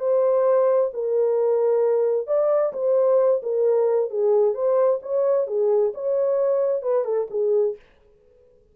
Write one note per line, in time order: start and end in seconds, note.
0.00 0.91 C5
0.94 2.27 A#4
2.27 2.73 D5
2.73 3.42 C5
3.43 4.10 A#4
4.10 4.54 G#4
4.54 5.00 C5
5.02 5.47 C#5
5.47 5.93 G#4
5.94 6.82 C#5
6.82 7.05 B4
7.05 7.27 A4
7.31 7.76 G#4